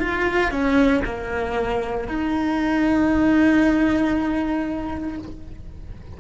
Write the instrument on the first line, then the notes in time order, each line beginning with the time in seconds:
cello
0.00 F4
0.52 C#4
1.05 A#3
2.08 D#4